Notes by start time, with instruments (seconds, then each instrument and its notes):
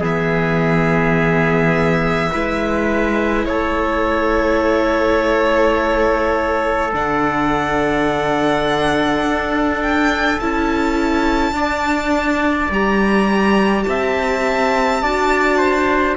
0.00 cello E3, viola B3, trumpet G#4, violin E5
2.31 cello G#3, viola E4, trumpet B4
3.45 cello A3, trumpet A4, violin C#5
6.92 cello D3, viola D4, violin F#5
9.23 cello D4
9.82 violin G5
10.40 cello C#4, viola E4, violin A5
11.52 cello D4, viola D4, trumpet D5
12.70 cello G3, viola G4, violin A#5
13.83 cello C4, trumpet E5, violin A5
15.02 cello D4, viola F#4, trumpet D5
15.58 trumpet C5